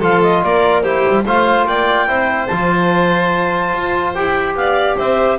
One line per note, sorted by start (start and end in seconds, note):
0.00 0.43 F3
0.00 0.83 F4
0.00 0.41 A4
0.00 0.23 F5
0.23 0.43 D#5
0.43 1.06 A#3
0.43 0.83 A#4
0.43 0.82 D5
0.82 1.25 E4
0.82 1.25 G4
0.82 1.23 C5
1.09 1.26 G3
1.26 1.66 A3
1.26 2.08 F4
1.26 1.67 C5
1.26 1.67 F5
1.66 2.07 A#3
1.66 2.09 D5
1.66 2.47 G5
2.07 2.49 C4
2.07 2.49 E4
2.07 4.57 C5
2.47 3.74 F3
2.47 4.15 F4
2.47 4.13 A5
3.74 4.15 F4
4.14 4.55 E4
4.14 5.39 G4
4.14 4.55 G5
4.55 4.97 B3
4.55 4.97 D5
4.55 4.97 F5
4.97 5.39 C4
4.97 5.39 C5
4.97 5.39 E5